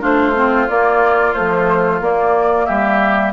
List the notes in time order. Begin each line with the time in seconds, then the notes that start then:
0.00 A3 D4 F4 C5
0.34 C4
0.68 A#3 D5
1.33 F3 A3 C5
2.00 A#3 D5
2.65 G3 G4 E5